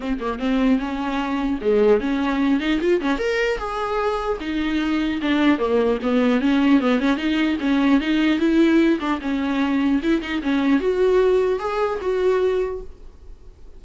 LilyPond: \new Staff \with { instrumentName = "viola" } { \time 4/4 \tempo 4 = 150 c'8 ais8 c'4 cis'2 | gis4 cis'4. dis'8 f'8 cis'8 | ais'4 gis'2 dis'4~ | dis'4 d'4 ais4 b4 |
cis'4 b8 cis'8 dis'4 cis'4 | dis'4 e'4. d'8 cis'4~ | cis'4 e'8 dis'8 cis'4 fis'4~ | fis'4 gis'4 fis'2 | }